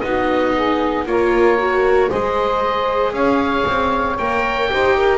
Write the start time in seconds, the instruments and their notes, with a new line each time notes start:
0.00 double bass B3, viola D#4, saxophone F#4, oboe D#5
0.54 saxophone G#4
1.06 double bass A#3, viola F4, saxophone A#4, oboe C#5
1.59 viola F#4
2.09 double bass G#3, viola G#4, saxophone C5, oboe D#5
3.12 double bass C#4, saxophone C#5, oboe F5
3.67 double bass C4
4.18 double bass A#3, viola A#4, oboe G5
4.68 double bass D#4, viola G4, saxophone C5
4.96 saxophone A#4